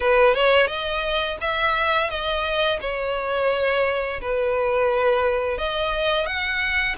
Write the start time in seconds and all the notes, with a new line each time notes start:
0.00 B4
0.34 C#5
0.67 D#5
1.40 E5
2.10 D#5
2.81 C#5
4.21 B4
5.58 D#5
6.26 F#5